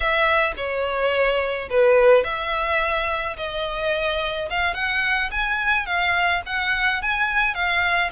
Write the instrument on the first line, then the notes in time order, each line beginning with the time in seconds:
violin
0.00 E5
0.56 C#5
1.70 B4
2.24 E5
3.36 D#5
4.50 F5
4.74 F#5
5.31 G#5
5.86 F5
6.45 F#5
7.01 G#5
7.54 F5